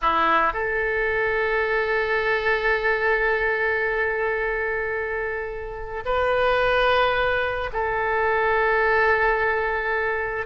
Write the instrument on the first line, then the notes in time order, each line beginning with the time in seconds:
oboe
0.01 E4
0.53 A4
6.05 B4
7.73 A4